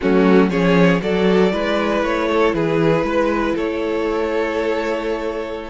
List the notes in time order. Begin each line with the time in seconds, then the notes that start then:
0.01 F#3 A3 C#4 F#4
0.50 F3 C#4 G#4 C#5
0.99 F#3 F#4 A4 D5
1.51 G#3 E4 B4
2.02 A3 C#5
2.29 A4
2.53 E3 G#4 B4
3.03 G#3 B4
3.55 A3 A4 C#5